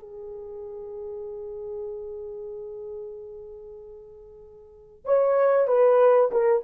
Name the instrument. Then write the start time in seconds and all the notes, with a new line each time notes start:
horn
0.00 G#4
5.05 C#5
5.68 B4
6.32 A#4